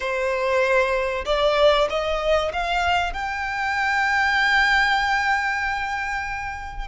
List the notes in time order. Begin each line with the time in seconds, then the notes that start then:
0.00 C5
1.25 D5
1.89 D#5
2.53 F5
3.13 G5